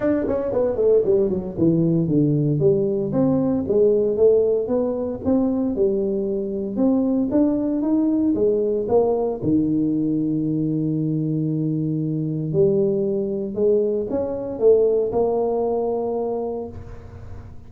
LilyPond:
\new Staff \with { instrumentName = "tuba" } { \time 4/4 \tempo 4 = 115 d'8 cis'8 b8 a8 g8 fis8 e4 | d4 g4 c'4 gis4 | a4 b4 c'4 g4~ | g4 c'4 d'4 dis'4 |
gis4 ais4 dis2~ | dis1 | g2 gis4 cis'4 | a4 ais2. | }